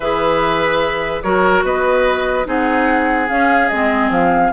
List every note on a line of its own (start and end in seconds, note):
0.00 1.22 E3
0.00 1.24 G#4
0.00 1.23 B4
0.00 1.22 E5
1.22 1.63 F#3
1.22 2.45 F#4
1.22 1.64 A#4
1.22 1.63 C#5
1.63 2.45 B3
1.63 2.47 B4
1.63 2.46 D#5
2.45 3.28 C4
2.45 3.27 D#4
2.45 4.52 G#4
2.45 3.28 F#5
3.28 3.70 C#4
3.28 3.71 C#4
3.28 3.68 F5
3.68 4.09 G#3
3.68 4.52 C4
3.68 4.09 D#5
4.09 4.50 F3
4.09 4.52 F5